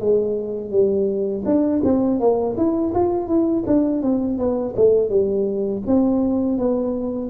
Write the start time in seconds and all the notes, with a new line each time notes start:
0.00 G#3
0.71 G3
1.46 D4
1.84 C4
2.20 A#3
2.57 E4
2.94 F4
3.28 E4
3.67 D4
4.02 C4
4.38 B3
4.76 A3
5.10 G3
5.87 C4
6.58 B3